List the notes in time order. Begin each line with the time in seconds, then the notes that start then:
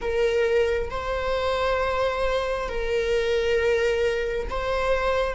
0.01 A#4
0.90 C5
2.69 A#4
4.49 C5